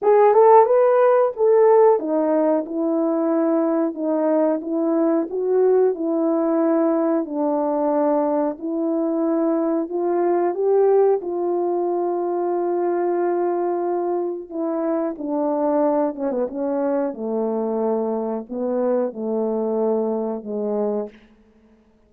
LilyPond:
\new Staff \with { instrumentName = "horn" } { \time 4/4 \tempo 4 = 91 gis'8 a'8 b'4 a'4 dis'4 | e'2 dis'4 e'4 | fis'4 e'2 d'4~ | d'4 e'2 f'4 |
g'4 f'2.~ | f'2 e'4 d'4~ | d'8 cis'16 b16 cis'4 a2 | b4 a2 gis4 | }